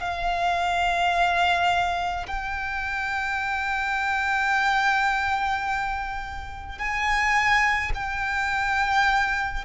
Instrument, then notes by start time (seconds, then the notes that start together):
violin
0.00 F5
2.27 G5
6.79 G#5
7.95 G5